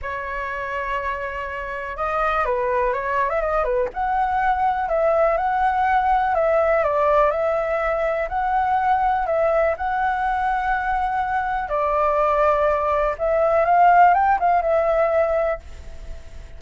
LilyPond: \new Staff \with { instrumentName = "flute" } { \time 4/4 \tempo 4 = 123 cis''1 | dis''4 b'4 cis''8. e''16 dis''8 b'8 | fis''2 e''4 fis''4~ | fis''4 e''4 d''4 e''4~ |
e''4 fis''2 e''4 | fis''1 | d''2. e''4 | f''4 g''8 f''8 e''2 | }